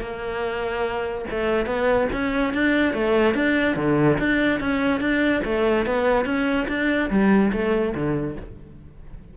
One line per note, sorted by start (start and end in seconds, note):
0.00 1.25 A#3
1.30 1.66 A3
1.66 2.07 B3
2.12 2.53 C#4
2.53 2.93 D4
2.93 3.34 A3
3.34 3.76 D4
3.76 4.18 D3
4.19 4.59 D4
4.59 5.00 C#4
5.00 5.42 D4
5.44 5.86 A3
5.86 6.25 B3
6.25 6.66 C#4
6.68 7.09 D4
7.10 7.52 G3
7.52 7.94 A3
7.95 8.36 D3